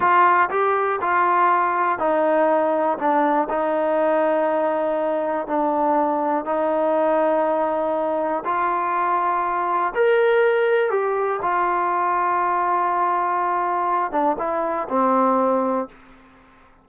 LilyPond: \new Staff \with { instrumentName = "trombone" } { \time 4/4 \tempo 4 = 121 f'4 g'4 f'2 | dis'2 d'4 dis'4~ | dis'2. d'4~ | d'4 dis'2.~ |
dis'4 f'2. | ais'2 g'4 f'4~ | f'1~ | f'8 d'8 e'4 c'2 | }